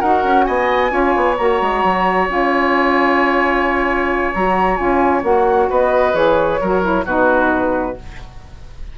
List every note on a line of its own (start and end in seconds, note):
0.00 0.24 D#4
0.00 0.89 F#4
0.00 0.45 A#4
0.00 0.45 F#5
0.24 0.47 C#4
0.45 0.91 B3
0.45 0.92 D#5
0.45 1.36 G#5
0.89 1.14 C#4
0.89 1.35 F4
0.89 5.69 C#5
1.16 1.39 B3
1.37 1.61 A#3
1.37 2.28 F#4
1.37 2.28 A#5
1.61 1.84 G#3
1.84 2.29 F#3
2.28 4.34 C#4
2.28 4.33 F4
2.28 4.35 G#5
4.35 4.80 F#3
4.35 4.76 F#4
4.35 4.76 A#5
4.76 5.23 C#4
4.76 5.22 F4
4.76 5.22 G#5
5.23 5.69 A#3
5.23 6.14 F#4
5.23 5.70 F#5
5.70 6.13 B3
5.70 6.61 B4
5.70 6.15 D#5
6.13 6.59 E3
6.13 6.59 G#4
6.13 7.06 C#5
6.61 7.05 F#3
6.61 6.82 F#4
6.61 7.05 A#4
6.82 7.05 E4
7.05 7.96 B2
7.05 7.98 D#4
7.05 7.96 F#4
7.05 7.98 B4